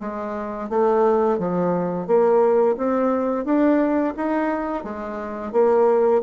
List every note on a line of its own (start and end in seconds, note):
0.00 0.69 G#3
0.69 1.38 A3
1.38 2.07 F3
2.07 2.76 A#3
2.77 3.45 C4
3.45 4.14 D4
4.16 4.83 D#4
4.83 5.52 G#3
5.52 6.21 A#3